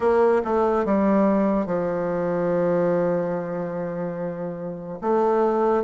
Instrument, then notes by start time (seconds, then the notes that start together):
bassoon
0.00 A#3
0.44 A3
0.85 G3
1.66 F3
5.01 A3